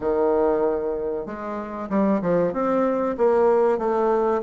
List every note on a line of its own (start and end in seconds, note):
0.00 1.25 D#3
1.25 1.89 G#3
1.89 2.21 G3
2.21 2.53 F3
2.53 3.16 C4
3.17 3.78 A#3
3.78 4.41 A3